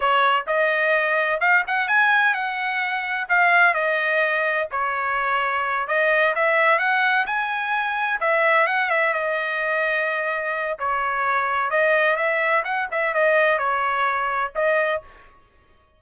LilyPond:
\new Staff \with { instrumentName = "trumpet" } { \time 4/4 \tempo 4 = 128 cis''4 dis''2 f''8 fis''8 | gis''4 fis''2 f''4 | dis''2 cis''2~ | cis''8 dis''4 e''4 fis''4 gis''8~ |
gis''4. e''4 fis''8 e''8 dis''8~ | dis''2. cis''4~ | cis''4 dis''4 e''4 fis''8 e''8 | dis''4 cis''2 dis''4 | }